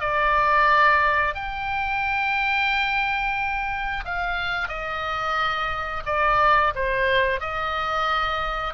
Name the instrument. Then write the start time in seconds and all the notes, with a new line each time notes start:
oboe
0.00 D5
1.35 G5
4.05 F5
4.69 D#5
6.06 D5
6.75 C5
7.40 D#5